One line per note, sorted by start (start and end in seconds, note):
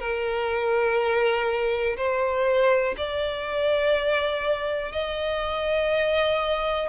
0.00 1.97 A#4
1.97 2.96 C5
2.98 4.93 D5
4.93 6.89 D#5